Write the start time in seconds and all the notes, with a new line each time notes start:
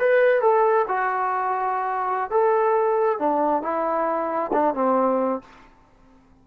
0.00 B4
0.41 A4
0.88 F#4
2.31 A4
3.20 D4
3.63 E4
4.53 D4
4.75 C4